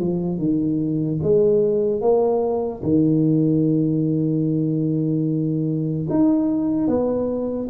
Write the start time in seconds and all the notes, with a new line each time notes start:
0.00 F3
0.38 D#3
1.23 G#3
2.01 A#3
2.83 D#3
6.10 D#4
6.87 B3